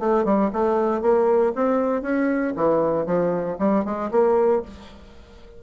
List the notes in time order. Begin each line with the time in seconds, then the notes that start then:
0.00 A3
0.25 G3
0.53 A3
1.02 A#3
1.56 C4
2.03 C#4
2.56 E3
3.07 F3
3.59 G3
3.85 G#3
4.12 A#3